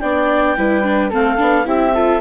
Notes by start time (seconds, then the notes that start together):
0.00 B3 D4 D5 G5
0.57 G3 E4 B4
0.84 D4
1.10 A3 C4 A4 F5
1.38 B3 D4
1.65 C4 E4 G4 E5
1.94 F4 A4